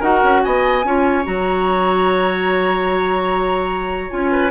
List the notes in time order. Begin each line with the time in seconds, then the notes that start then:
0.00 D#4 F#4 A#4 F#5
0.23 C#4
0.43 B3 D#5 G#5
0.84 C#4 F4 C#5
1.24 F#3 F#4 A#5
4.10 C#4 F4 G#5
4.31 B4